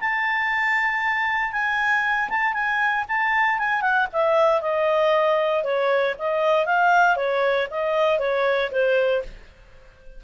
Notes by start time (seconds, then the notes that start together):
0.00 A5
1.52 G#5
2.29 A5
2.53 G#5
3.08 A5
3.59 G#5
3.81 F#5
4.12 E5
4.61 D#5
5.64 C#5
6.18 D#5
6.66 F5
7.16 C#5
7.71 D#5
8.19 C#5
8.71 C5